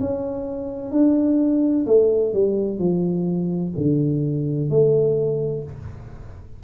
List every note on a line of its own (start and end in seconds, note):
0.00 0.92 C#4
0.92 1.85 D4
1.87 2.34 A3
2.34 2.79 G3
2.79 3.73 F3
3.77 4.70 D3
4.70 5.64 A3